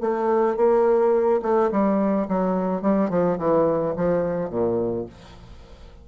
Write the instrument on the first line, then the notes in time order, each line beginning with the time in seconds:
bassoon
0.00 A3
0.56 A#3
1.42 A3
1.71 G3
2.28 F#3
2.82 G3
3.09 F3
3.38 E3
3.96 F3
4.49 A#2